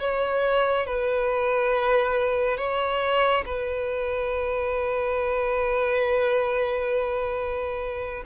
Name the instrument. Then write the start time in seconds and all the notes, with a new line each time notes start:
violin
0.00 C#5
0.86 B4
2.57 C#5
3.45 B4